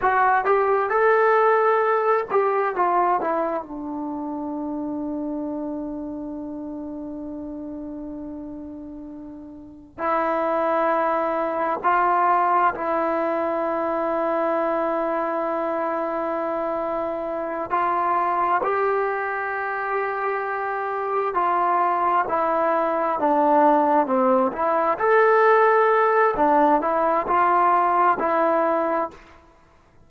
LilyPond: \new Staff \with { instrumentName = "trombone" } { \time 4/4 \tempo 4 = 66 fis'8 g'8 a'4. g'8 f'8 e'8 | d'1~ | d'2. e'4~ | e'4 f'4 e'2~ |
e'2.~ e'8 f'8~ | f'8 g'2. f'8~ | f'8 e'4 d'4 c'8 e'8 a'8~ | a'4 d'8 e'8 f'4 e'4 | }